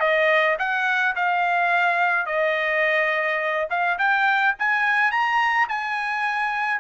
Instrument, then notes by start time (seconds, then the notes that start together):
trumpet
0.00 D#5
0.59 F#5
1.16 F5
2.26 D#5
3.70 F5
3.99 G5
4.59 G#5
5.11 A#5
5.69 G#5